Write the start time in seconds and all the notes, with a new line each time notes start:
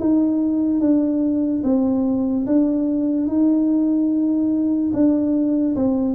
0.00 D#4
0.81 D4
1.64 C4
2.47 D4
3.28 D#4
4.94 D4
5.76 C4